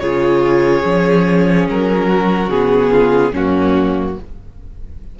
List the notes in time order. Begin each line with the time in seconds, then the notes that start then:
0.00 C#3 F4 G#4 C#5
0.83 F3 C#4
1.69 F#3 A#4
2.08 F#4
2.48 C#3 B3 G#4
2.91 F4
3.32 F#2 A#3 C#4 F#4